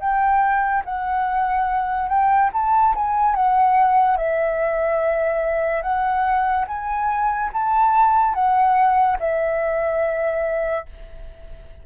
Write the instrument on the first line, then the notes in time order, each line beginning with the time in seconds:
flute
0.00 G5
0.85 F#5
2.09 G5
2.53 A5
2.95 G#5
3.36 F#5
4.17 E5
5.83 F#5
6.68 G#5
7.53 A5
8.34 F#5
9.20 E5